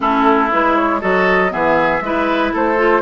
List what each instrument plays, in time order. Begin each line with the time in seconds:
0.00 bassoon A3, clarinet C#4, oboe E4, flute A4
0.51 bassoon G#3, clarinet E4, flute B4
0.76 flute C#5
1.00 bassoon F#3, clarinet F#4, oboe A4, flute D#5
1.49 bassoon E3, clarinet B3, oboe G#4, flute E5
2.00 bassoon G#3, clarinet E4, oboe B4
2.53 bassoon A3, oboe A4, flute C5
2.77 clarinet F4